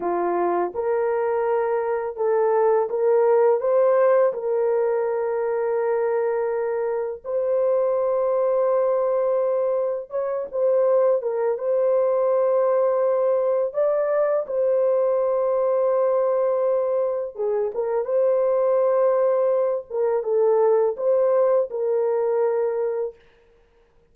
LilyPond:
\new Staff \with { instrumentName = "horn" } { \time 4/4 \tempo 4 = 83 f'4 ais'2 a'4 | ais'4 c''4 ais'2~ | ais'2 c''2~ | c''2 cis''8 c''4 ais'8 |
c''2. d''4 | c''1 | gis'8 ais'8 c''2~ c''8 ais'8 | a'4 c''4 ais'2 | }